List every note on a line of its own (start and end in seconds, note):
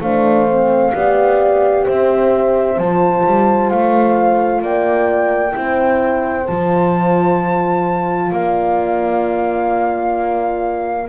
0.00 0.92 A3
0.00 0.48 D4
0.00 0.94 C5
0.00 1.86 F5
0.48 0.92 C4
0.92 1.86 B3
0.92 2.77 G4
0.92 1.85 D5
1.85 2.77 C4
1.85 4.62 C5
1.85 2.78 E5
2.77 3.23 F3
2.77 5.52 F4
2.77 3.69 A5
3.25 3.71 G3
3.69 4.61 A3
3.69 4.61 F5
4.61 5.54 A#3
4.61 5.55 D5
4.61 6.46 G5
5.52 6.48 C4
5.52 6.44 E4
5.52 8.32 C5
6.46 8.32 F3
6.46 11.09 F4
6.46 8.31 A5
8.32 11.09 A#3
8.32 11.09 D5
8.32 11.09 F5